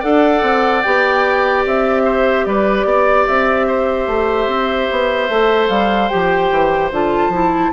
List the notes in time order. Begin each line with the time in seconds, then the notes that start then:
0.00 D4 A4 D5 F#5
0.42 C4
0.82 B3 G4 G5
1.66 C4 E5
2.05 C5
2.46 G3 B4 D5
2.84 B3 D5
3.27 C4 E5
3.67 C5
4.07 A3
4.47 C4
4.91 B3
5.29 A3 A4
5.69 G3 F5
6.09 F3 G4 G5
6.51 E3
6.91 D3 F4 A5
7.28 F3 E4